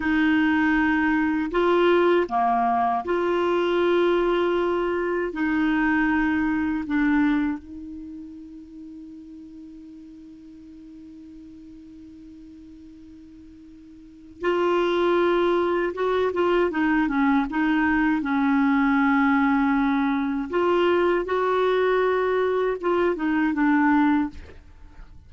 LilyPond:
\new Staff \with { instrumentName = "clarinet" } { \time 4/4 \tempo 4 = 79 dis'2 f'4 ais4 | f'2. dis'4~ | dis'4 d'4 dis'2~ | dis'1~ |
dis'2. f'4~ | f'4 fis'8 f'8 dis'8 cis'8 dis'4 | cis'2. f'4 | fis'2 f'8 dis'8 d'4 | }